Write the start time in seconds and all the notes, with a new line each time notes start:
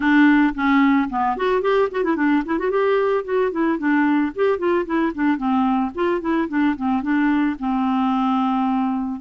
0.00 D4
0.54 C#4
1.09 B3
1.36 F#4
1.61 G4
1.91 F#4
2.03 E4
2.16 D4
2.45 E4
2.58 F#4
2.70 G4
3.24 F#4
3.51 E4
3.78 D4
4.35 G4
4.58 F4
4.85 E4
5.14 D4
5.37 C4
5.95 F4
6.20 E4
6.48 D4
6.76 C4
7.02 D4
7.59 C4